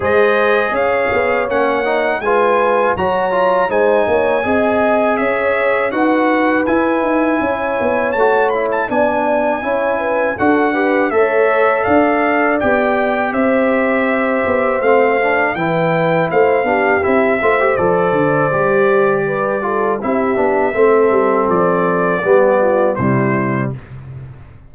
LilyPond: <<
  \new Staff \with { instrumentName = "trumpet" } { \time 4/4 \tempo 4 = 81 dis''4 f''4 fis''4 gis''4 | ais''4 gis''2 e''4 | fis''4 gis''2 a''8 b''16 a''16 | gis''2 fis''4 e''4 |
f''4 g''4 e''2 | f''4 g''4 f''4 e''4 | d''2. e''4~ | e''4 d''2 c''4 | }
  \new Staff \with { instrumentName = "horn" } { \time 4/4 c''4 cis''2 b'4 | cis''4 c''8 cis''8 dis''4 cis''4 | b'2 cis''2 | d''4 cis''8 b'8 a'8 b'8 cis''4 |
d''2 c''2~ | c''4 b'4 c''8 g'4 c''8~ | c''2 b'8 a'8 g'4 | a'2 g'8 f'8 e'4 | }
  \new Staff \with { instrumentName = "trombone" } { \time 4/4 gis'2 cis'8 dis'8 f'4 | fis'8 f'8 dis'4 gis'2 | fis'4 e'2 fis'8 e'8 | d'4 e'4 fis'8 g'8 a'4~ |
a'4 g'2. | c'8 d'8 e'4. d'8 e'8 f'16 g'16 | a'4 g'4. f'8 e'8 d'8 | c'2 b4 g4 | }
  \new Staff \with { instrumentName = "tuba" } { \time 4/4 gis4 cis'8 b8 ais4 gis4 | fis4 gis8 ais8 c'4 cis'4 | dis'4 e'8 dis'8 cis'8 b8 a4 | b4 cis'4 d'4 a4 |
d'4 b4 c'4. b8 | a4 e4 a8 b8 c'8 a8 | f8 d8 g2 c'8 b8 | a8 g8 f4 g4 c4 | }
>>